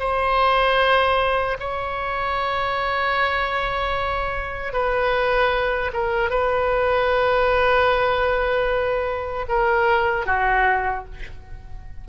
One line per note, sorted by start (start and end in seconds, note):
0.00 1.58 C5
1.60 4.73 C#5
4.73 5.92 B4
5.94 6.31 A#4
6.31 9.46 B4
9.49 10.26 A#4
10.26 11.05 F#4